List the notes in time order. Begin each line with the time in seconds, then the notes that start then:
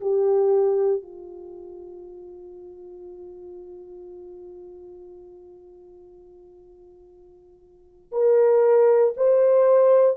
0.00 G4
1.02 F4
8.12 A#4
9.17 C5